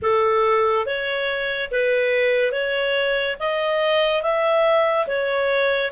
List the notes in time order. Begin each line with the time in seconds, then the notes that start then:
0.02 A4
0.86 C#5
1.71 B4
2.52 C#5
3.39 D#5
4.22 E5
5.07 C#5